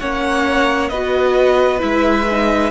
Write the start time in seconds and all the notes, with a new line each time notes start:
0.00 A#3 C#4 C#5 F#5
0.89 B3 F#4 B4 D#5
1.80 G#3 E4 E5
2.31 D#4